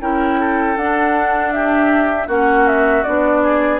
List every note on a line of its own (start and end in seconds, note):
0.00 0.76 C#4
0.00 0.76 E4
0.00 0.39 A#4
0.00 0.76 G5
0.39 1.53 A4
0.76 2.27 D4
0.76 2.29 D4
0.76 1.52 F#5
1.52 2.27 G4
1.52 2.28 E5
2.27 3.03 A#3
2.27 3.05 C#4
2.27 3.41 F#4
2.27 2.67 F#5
2.67 3.03 E5
3.03 3.80 B3
3.03 3.80 D4
3.03 3.79 D5
3.43 3.80 G#4